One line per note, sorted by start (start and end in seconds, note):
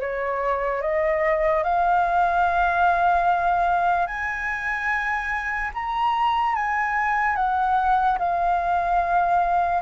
0.00 0.81 C#5
0.81 1.63 D#5
1.63 4.06 F5
4.06 5.71 G#5
5.73 6.55 A#5
6.55 7.36 G#5
7.36 8.18 F#5
8.19 9.82 F5